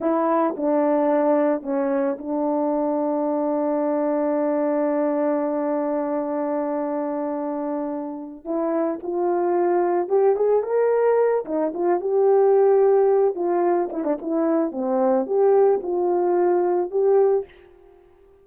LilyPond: \new Staff \with { instrumentName = "horn" } { \time 4/4 \tempo 4 = 110 e'4 d'2 cis'4 | d'1~ | d'1~ | d'2.~ d'8 e'8~ |
e'8 f'2 g'8 gis'8 ais'8~ | ais'4 dis'8 f'8 g'2~ | g'8 f'4 e'16 d'16 e'4 c'4 | g'4 f'2 g'4 | }